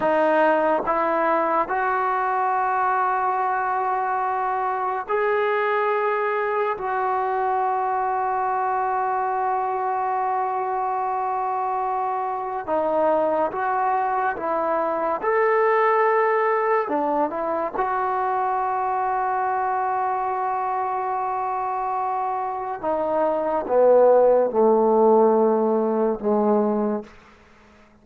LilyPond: \new Staff \with { instrumentName = "trombone" } { \time 4/4 \tempo 4 = 71 dis'4 e'4 fis'2~ | fis'2 gis'2 | fis'1~ | fis'2. dis'4 |
fis'4 e'4 a'2 | d'8 e'8 fis'2.~ | fis'2. dis'4 | b4 a2 gis4 | }